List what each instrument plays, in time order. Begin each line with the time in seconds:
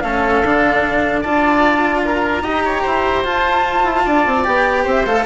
0.00 bassoon A3, cello C#4, oboe A4, flute F5
0.44 bassoon D3, cello D4
1.21 bassoon D4, cello F4, oboe D5, flute A5
2.05 oboe A#4, flute A#5
2.42 bassoon D#4, cello G4, oboe D#5
2.65 oboe C#5
2.82 bassoon E4, oboe C5
3.24 cello F4, bassoon F4, flute A5
3.83 bassoon E4
4.05 bassoon D4, oboe D5
4.26 bassoon C4
4.44 bassoon B3, cello G4, flute G5
4.83 bassoon C4, oboe C5
4.90 flute E5
5.05 bassoon A3, cello A4, flute F5